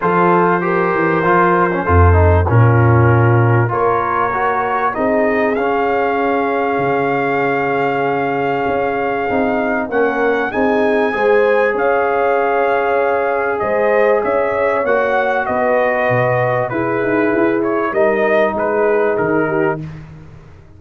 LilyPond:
<<
  \new Staff \with { instrumentName = "trumpet" } { \time 4/4 \tempo 4 = 97 c''1 | ais'2 cis''2 | dis''4 f''2.~ | f''1 |
fis''4 gis''2 f''4~ | f''2 dis''4 e''4 | fis''4 dis''2 b'4~ | b'8 cis''8 dis''4 b'4 ais'4 | }
  \new Staff \with { instrumentName = "horn" } { \time 4/4 a'4 ais'2 a'4 | f'2 ais'2 | gis'1~ | gis'1 |
ais'4 gis'4 c''4 cis''4~ | cis''2 c''4 cis''4~ | cis''4 b'2 gis'4~ | gis'4 ais'4 gis'4. g'8 | }
  \new Staff \with { instrumentName = "trombone" } { \time 4/4 f'4 g'4 f'8. cis'16 f'8 dis'8 | cis'2 f'4 fis'4 | dis'4 cis'2.~ | cis'2. dis'4 |
cis'4 dis'4 gis'2~ | gis'1 | fis'2. e'4~ | e'4 dis'2. | }
  \new Staff \with { instrumentName = "tuba" } { \time 4/4 f4. e8 f4 f,4 | ais,2 ais2 | c'4 cis'2 cis4~ | cis2 cis'4 c'4 |
ais4 c'4 gis4 cis'4~ | cis'2 gis4 cis'4 | ais4 b4 b,4 e'8 dis'8 | e'4 g4 gis4 dis4 | }
>>